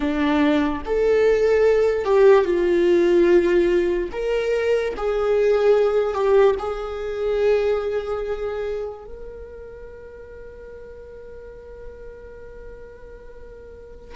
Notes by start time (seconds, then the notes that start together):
0.00 D4
0.85 A4
2.04 G4
2.44 F4
4.11 A#4
4.97 G#4
6.14 G4
6.59 G#4
9.04 A#4